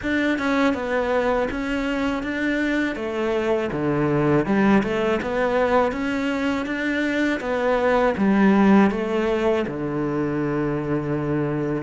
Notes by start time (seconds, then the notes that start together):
0.02 D4
0.38 C#4
0.74 B3
1.50 C#4
2.23 D4
2.95 A3
3.72 D3
4.45 G3
4.83 A3
5.22 B3
5.92 C#4
6.65 D4
7.40 B3
8.17 G3
8.91 A3
9.67 D3